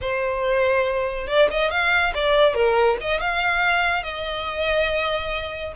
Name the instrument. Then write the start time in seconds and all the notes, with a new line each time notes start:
violin
0.01 C5
1.27 D5
1.50 D#5
1.70 F5
2.14 D5
2.54 A#4
3.00 D#5
3.20 F5
4.03 D#5